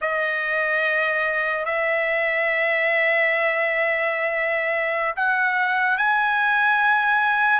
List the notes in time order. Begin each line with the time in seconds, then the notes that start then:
0.01 D#5
1.65 E5
5.16 F#5
5.97 G#5